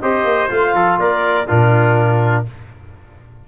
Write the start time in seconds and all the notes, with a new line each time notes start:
0.00 C4 G4 C5 D#5
0.23 A#3
0.49 A3 F4 F5
0.74 F3 A4
0.98 A#3 A#4 D5
1.47 A#2 D4 F4 A#4